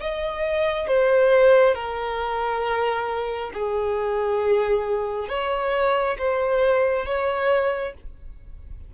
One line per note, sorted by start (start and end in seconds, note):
0.00 0.87 D#5
0.87 1.74 C5
1.74 3.51 A#4
3.53 5.28 G#4
5.28 6.16 C#5
6.18 7.05 C5
7.05 7.93 C#5